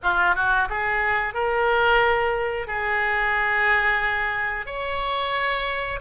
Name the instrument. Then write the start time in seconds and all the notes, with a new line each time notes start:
oboe
0.02 F4
0.35 F#4
0.69 G#4
1.34 A#4
2.67 G#4
4.66 C#5